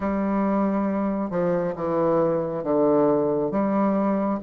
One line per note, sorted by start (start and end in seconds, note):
0.00 1.30 G3
1.30 1.74 F3
1.75 2.63 E3
2.63 3.51 D3
3.51 4.39 G3